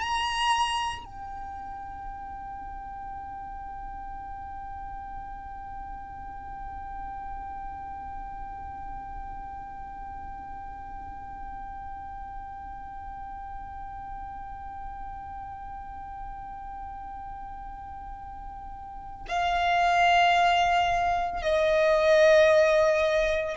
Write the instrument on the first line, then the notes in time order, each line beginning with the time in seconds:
violin
0.00 A#5
1.04 G5
19.28 F5
21.42 D#5